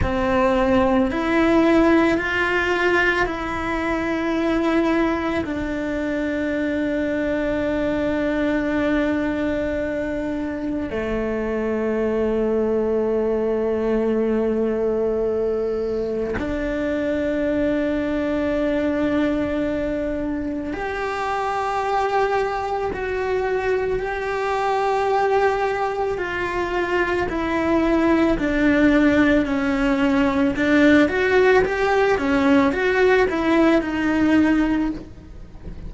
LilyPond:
\new Staff \with { instrumentName = "cello" } { \time 4/4 \tempo 4 = 55 c'4 e'4 f'4 e'4~ | e'4 d'2.~ | d'2 a2~ | a2. d'4~ |
d'2. g'4~ | g'4 fis'4 g'2 | f'4 e'4 d'4 cis'4 | d'8 fis'8 g'8 cis'8 fis'8 e'8 dis'4 | }